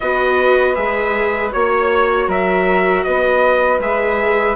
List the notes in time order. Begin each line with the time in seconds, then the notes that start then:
0.00 B3 F#4 B4 D#5
0.74 G#3 G#4 E5
1.51 A#3 F#4 C#5
2.27 F#3 A#4 E5
3.03 B3 B4 D#5
3.79 G#3 G#4 E5